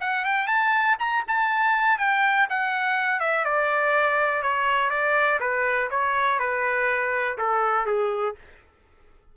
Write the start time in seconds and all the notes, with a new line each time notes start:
0.00 F#5
0.24 G5
0.47 A5
0.99 A#5
1.27 A5
1.98 G5
2.49 F#5
3.20 E5
3.44 D5
4.42 C#5
4.90 D5
5.40 B4
5.90 C#5
6.39 B4
7.37 A4
7.86 G#4